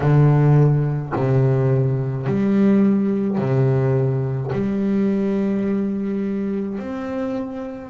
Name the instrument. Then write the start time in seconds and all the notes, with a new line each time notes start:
double bass
0.00 D3
1.15 C3
2.26 G3
3.38 C3
4.52 G3
6.78 C4